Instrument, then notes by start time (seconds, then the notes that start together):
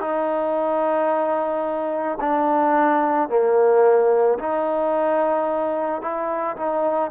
trombone
0.00 D#4
2.20 D4
3.29 A#3
4.38 D#4
6.01 E4
6.56 D#4